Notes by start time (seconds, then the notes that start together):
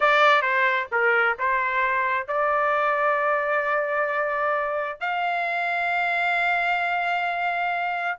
0.00 D5
0.42 C5
0.91 A#4
1.38 C5
2.27 D5
5.00 F5